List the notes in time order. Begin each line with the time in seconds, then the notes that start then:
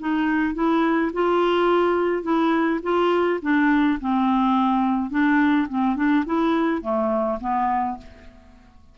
0.00 D#4
0.55 E4
1.14 F4
2.23 E4
2.83 F4
3.42 D4
4.01 C4
5.11 D4
5.69 C4
5.96 D4
6.26 E4
6.82 A3
7.41 B3